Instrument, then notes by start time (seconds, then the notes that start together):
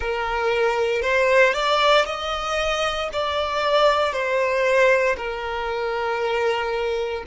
violin
0.00 A#4
1.02 C5
1.53 D5
2.05 D#5
3.13 D5
4.12 C5
5.16 A#4